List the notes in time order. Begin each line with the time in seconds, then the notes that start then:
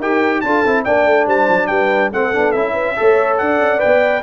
0.00 D#4 G4 A#4 G5
0.41 D4 F4 A4 A5
0.65 C4 E4
0.85 A#3 D4 D5 G5
1.06 A3
1.27 G3 C5 A5
1.49 F#3
1.67 G3 B4 G5
2.11 A3 C4 A4 F#5
2.33 B3 D4
2.52 C#4 E4 E5
2.73 B4
2.96 A3 A4 C#5
3.38 D4 D5 F#5
3.60 C#4
3.79 B3 B4 G5